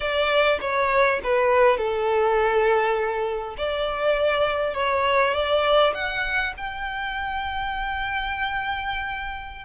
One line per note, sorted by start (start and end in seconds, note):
0.00 0.58 D5
0.60 1.20 C#5
1.23 1.77 B4
1.77 3.55 A4
3.57 4.74 D5
4.74 5.33 C#5
5.34 5.93 D5
5.94 6.53 F#5
6.57 9.65 G5